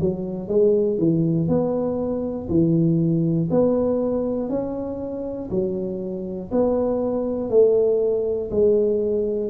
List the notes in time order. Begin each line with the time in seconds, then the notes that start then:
0.00 F#3
0.48 G#3
0.98 E3
1.48 B3
2.49 E3
3.50 B3
4.49 C#4
5.50 F#3
6.51 B3
7.49 A3
8.50 G#3